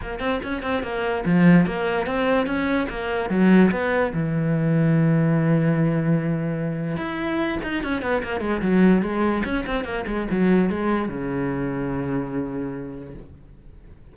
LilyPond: \new Staff \with { instrumentName = "cello" } { \time 4/4 \tempo 4 = 146 ais8 c'8 cis'8 c'8 ais4 f4 | ais4 c'4 cis'4 ais4 | fis4 b4 e2~ | e1~ |
e4 e'4. dis'8 cis'8 b8 | ais8 gis8 fis4 gis4 cis'8 c'8 | ais8 gis8 fis4 gis4 cis4~ | cis1 | }